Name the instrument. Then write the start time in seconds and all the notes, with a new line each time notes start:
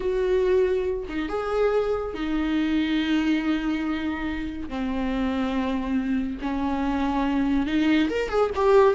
viola
0.00 F#4
1.09 D#4
1.29 G#4
2.14 D#4
4.68 C4
6.41 C#4
7.66 D#4
8.09 A#4
8.29 G#4
8.55 G4